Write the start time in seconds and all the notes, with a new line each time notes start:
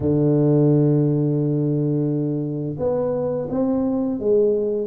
0.00 D3
2.78 B3
3.49 C4
4.19 G#3